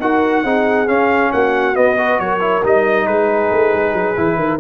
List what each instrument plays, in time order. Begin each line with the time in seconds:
0.00 tuba D#4, trombone F#4, horn A#4, trumpet F#5
0.43 tuba C4, trombone D#4, horn G#4
0.87 trombone C#4, tuba C#4, trumpet F5
1.32 tuba A#3, horn F#4, trumpet F#5
1.75 trombone B3, tuba B3, trumpet D#5
1.98 trombone F#4, horn B4
2.20 tuba F#3, horn A#4, trumpet C#5
2.40 trombone E4
2.63 tuba G3, trombone D#4, trumpet D#5
3.06 tuba G#3, horn G#4, trumpet B4
3.51 tuba A3
3.74 tuba G#3
3.93 tuba F#3
4.16 tuba E3, trombone E4
4.37 tuba D#3, horn A#4